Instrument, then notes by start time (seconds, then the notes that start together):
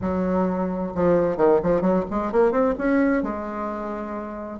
bassoon
0.01 F#3
0.94 F3
1.37 D#3
1.63 F3
1.81 F#3
2.10 G#3
2.32 A#3
2.51 C4
2.78 C#4
3.22 G#3